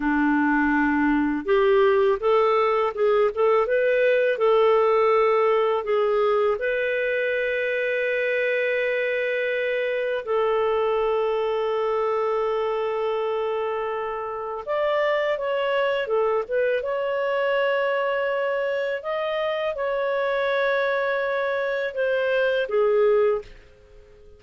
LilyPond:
\new Staff \with { instrumentName = "clarinet" } { \time 4/4 \tempo 4 = 82 d'2 g'4 a'4 | gis'8 a'8 b'4 a'2 | gis'4 b'2.~ | b'2 a'2~ |
a'1 | d''4 cis''4 a'8 b'8 cis''4~ | cis''2 dis''4 cis''4~ | cis''2 c''4 gis'4 | }